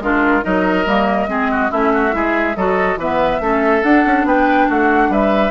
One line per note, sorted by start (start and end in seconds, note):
0.00 0.43 G#3
0.00 0.42 D4
0.00 0.45 F4
0.00 0.44 A#4
0.42 0.86 F#3
0.42 0.85 D#4
0.42 1.30 A#4
0.42 1.71 D#5
0.86 1.28 G3
0.86 1.28 A#3
1.28 1.71 G#3
1.28 1.70 C4
1.28 1.52 G#4
1.52 1.71 F#4
1.70 2.14 A3
1.70 2.12 C#4
1.70 1.92 E4
1.70 2.56 E5
1.94 2.15 F#4
2.12 2.56 G#3
2.12 2.54 E4
2.12 2.57 G#4
2.56 2.97 F#3
2.56 3.00 F#4
2.56 2.99 A4
2.56 2.99 D#5
2.97 3.39 E3
2.97 3.42 B3
2.97 3.42 B4
2.97 3.84 E5
3.41 3.83 A3
3.41 3.83 C#4
3.41 4.27 A4
3.83 5.52 D4
3.83 4.05 D4
3.83 4.26 F#5
4.06 4.25 C#4
4.25 4.67 B3
4.25 4.69 B4
4.25 4.70 G5
4.69 5.10 A3
4.69 5.11 F#4
4.69 5.13 F#5
5.10 5.52 G3
5.10 5.52 B4
5.10 5.52 E5